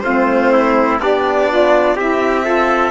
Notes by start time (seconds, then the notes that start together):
0.00 A3 C4 F4 C5
0.52 E4
0.99 B3 D4 G4 D5
1.49 F4
1.95 C4 E4 G4 E5
2.43 F4 A4